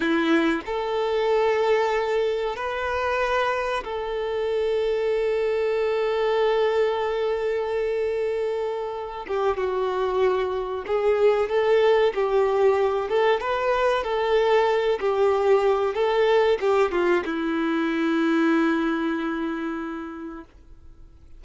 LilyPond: \new Staff \with { instrumentName = "violin" } { \time 4/4 \tempo 4 = 94 e'4 a'2. | b'2 a'2~ | a'1~ | a'2~ a'8 g'8 fis'4~ |
fis'4 gis'4 a'4 g'4~ | g'8 a'8 b'4 a'4. g'8~ | g'4 a'4 g'8 f'8 e'4~ | e'1 | }